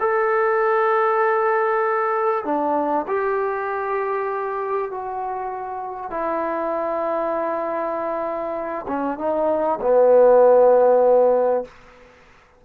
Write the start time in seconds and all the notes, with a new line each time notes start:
0.00 A4
2.45 D4
3.08 G4
4.91 F#4
6.11 E4
8.88 C#4
9.19 D#4
9.82 B3